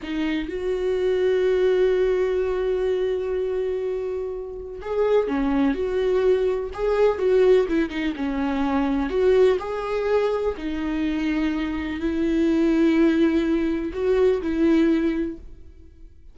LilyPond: \new Staff \with { instrumentName = "viola" } { \time 4/4 \tempo 4 = 125 dis'4 fis'2.~ | fis'1~ | fis'2 gis'4 cis'4 | fis'2 gis'4 fis'4 |
e'8 dis'8 cis'2 fis'4 | gis'2 dis'2~ | dis'4 e'2.~ | e'4 fis'4 e'2 | }